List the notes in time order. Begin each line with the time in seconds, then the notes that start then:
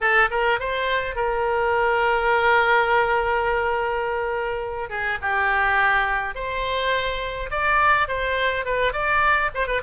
0.00 A4
0.30 A#4
0.59 C5
1.15 A#4
4.89 G#4
5.21 G4
6.34 C5
7.50 D5
8.08 C5
8.65 B4
8.92 D5
9.54 C5
9.67 B4